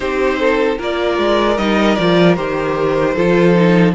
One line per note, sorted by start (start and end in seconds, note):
0.00 0.78 C4
0.00 0.78 D#4
0.00 0.39 G4
0.00 0.78 C5
0.39 0.78 A4
0.78 1.18 A#3
0.78 1.57 F4
0.78 3.14 A#4
0.78 1.57 D5
1.18 1.57 G#3
1.57 1.97 G3
1.57 1.97 D#4
1.57 1.95 D#5
1.95 2.37 F3
1.95 2.36 F4
1.95 2.35 D5
2.35 3.16 D#3
2.35 3.15 G4
2.35 3.93 C5
3.14 3.94 F3
3.14 3.54 F4
3.14 3.93 A4
3.54 3.93 D#4